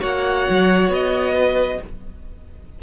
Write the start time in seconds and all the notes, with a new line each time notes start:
0.00 A#3 F#4 C#5 F#5
0.49 F#3
0.88 B3 D#5
1.34 B4